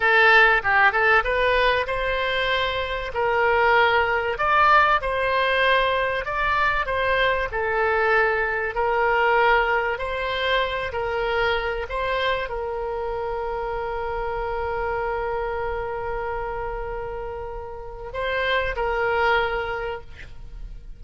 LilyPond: \new Staff \with { instrumentName = "oboe" } { \time 4/4 \tempo 4 = 96 a'4 g'8 a'8 b'4 c''4~ | c''4 ais'2 d''4 | c''2 d''4 c''4 | a'2 ais'2 |
c''4. ais'4. c''4 | ais'1~ | ais'1~ | ais'4 c''4 ais'2 | }